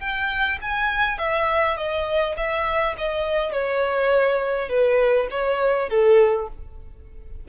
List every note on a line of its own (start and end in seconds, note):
0.00 0.59 G5
0.62 1.19 G#5
1.19 1.78 E5
1.78 2.36 D#5
2.37 2.96 E5
2.98 3.53 D#5
3.53 4.70 C#5
4.70 5.28 B4
5.31 5.90 C#5
5.90 6.48 A4